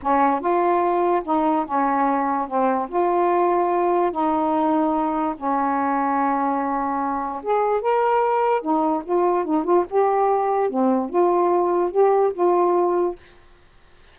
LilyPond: \new Staff \with { instrumentName = "saxophone" } { \time 4/4 \tempo 4 = 146 cis'4 f'2 dis'4 | cis'2 c'4 f'4~ | f'2 dis'2~ | dis'4 cis'2.~ |
cis'2 gis'4 ais'4~ | ais'4 dis'4 f'4 dis'8 f'8 | g'2 c'4 f'4~ | f'4 g'4 f'2 | }